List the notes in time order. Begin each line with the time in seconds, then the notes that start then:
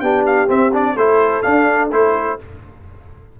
0.00 B3 D4 G4 G5
0.26 F5
0.47 C4 E5
0.73 D4 D5
0.95 A3 E4 A4 C5
1.42 D4 F5
1.91 A3 E4 C5